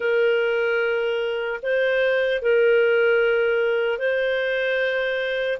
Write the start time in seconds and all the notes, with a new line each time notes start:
0.00 A#4
1.62 C5
2.42 A#4
3.98 C5